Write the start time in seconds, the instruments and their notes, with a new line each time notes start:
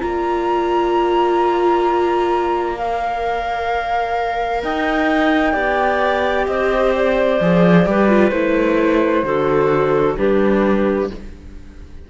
0.00 cello A#3, viola F4, clarinet D5, flute A#5
2.77 viola A#4, flute F5
4.63 cello D#4, clarinet D#5, flute G5
5.52 cello B3, viola G4, clarinet D5
6.46 cello C4, clarinet C5, flute D#5
6.95 flute D5
7.40 cello F3, viola G#4
7.86 cello G3, viola G4, clarinet B4
8.08 viola F4
8.29 cello A3, viola E4, flute C5
9.23 cello D3, viola F#4, clarinet A4
10.17 cello G3, viola D4, clarinet G4, flute B4